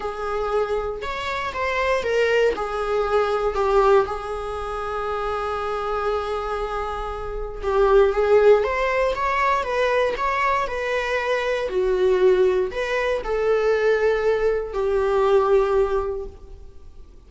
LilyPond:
\new Staff \with { instrumentName = "viola" } { \time 4/4 \tempo 4 = 118 gis'2 cis''4 c''4 | ais'4 gis'2 g'4 | gis'1~ | gis'2. g'4 |
gis'4 c''4 cis''4 b'4 | cis''4 b'2 fis'4~ | fis'4 b'4 a'2~ | a'4 g'2. | }